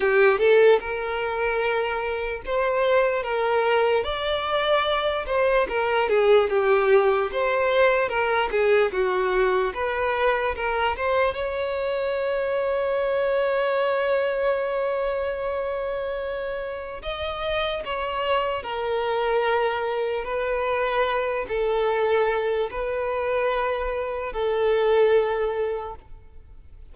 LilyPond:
\new Staff \with { instrumentName = "violin" } { \time 4/4 \tempo 4 = 74 g'8 a'8 ais'2 c''4 | ais'4 d''4. c''8 ais'8 gis'8 | g'4 c''4 ais'8 gis'8 fis'4 | b'4 ais'8 c''8 cis''2~ |
cis''1~ | cis''4 dis''4 cis''4 ais'4~ | ais'4 b'4. a'4. | b'2 a'2 | }